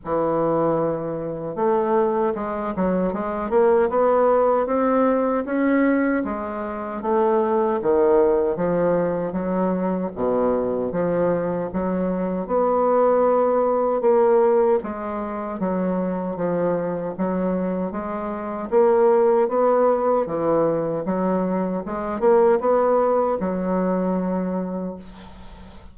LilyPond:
\new Staff \with { instrumentName = "bassoon" } { \time 4/4 \tempo 4 = 77 e2 a4 gis8 fis8 | gis8 ais8 b4 c'4 cis'4 | gis4 a4 dis4 f4 | fis4 b,4 f4 fis4 |
b2 ais4 gis4 | fis4 f4 fis4 gis4 | ais4 b4 e4 fis4 | gis8 ais8 b4 fis2 | }